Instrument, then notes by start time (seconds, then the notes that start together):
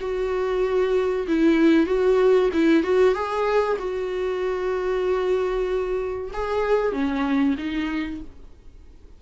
viola
0.00 F#4
1.27 E4
1.86 F#4
2.53 E4
2.82 F#4
3.14 G#4
3.78 F#4
6.33 G#4
6.92 C#4
7.57 D#4